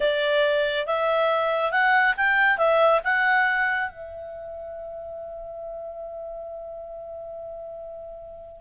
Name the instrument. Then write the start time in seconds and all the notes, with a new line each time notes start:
clarinet
0.00 D5
0.86 E5
1.71 F#5
2.16 G5
2.57 E5
3.04 F#5
3.90 E5